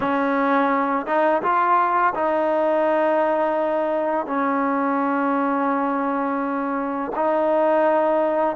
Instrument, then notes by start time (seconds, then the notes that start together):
trombone
0.00 C#4
1.06 D#4
1.42 F4
2.14 D#4
4.26 C#4
7.15 D#4